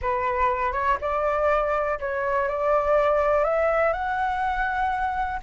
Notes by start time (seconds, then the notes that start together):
0.01 B4
0.72 C#5
1.01 D5
1.99 C#5
2.48 D5
3.44 E5
3.92 F#5